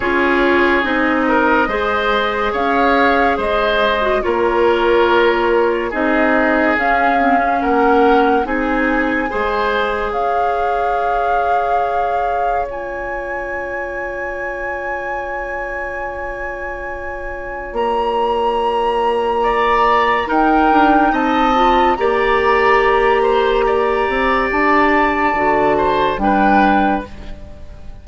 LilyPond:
<<
  \new Staff \with { instrumentName = "flute" } { \time 4/4 \tempo 4 = 71 cis''4 dis''2 f''4 | dis''4 cis''2 dis''4 | f''4 fis''4 gis''2 | f''2. gis''4~ |
gis''1~ | gis''4 ais''2. | g''4 a''4 ais''2~ | ais''4 a''2 g''4 | }
  \new Staff \with { instrumentName = "oboe" } { \time 4/4 gis'4. ais'8 c''4 cis''4 | c''4 ais'2 gis'4~ | gis'4 ais'4 gis'4 c''4 | cis''1~ |
cis''1~ | cis''2. d''4 | ais'4 dis''4 d''4. c''8 | d''2~ d''8 c''8 b'4 | }
  \new Staff \with { instrumentName = "clarinet" } { \time 4/4 f'4 dis'4 gis'2~ | gis'8. fis'16 f'2 dis'4 | cis'8 c'16 cis'4~ cis'16 dis'4 gis'4~ | gis'2. f'4~ |
f'1~ | f'1 | dis'4. f'8 g'2~ | g'2 fis'4 d'4 | }
  \new Staff \with { instrumentName = "bassoon" } { \time 4/4 cis'4 c'4 gis4 cis'4 | gis4 ais2 c'4 | cis'4 ais4 c'4 gis4 | cis'1~ |
cis'1~ | cis'4 ais2. | dis'8 d'8 c'4 ais2~ | ais8 c'8 d'4 d4 g4 | }
>>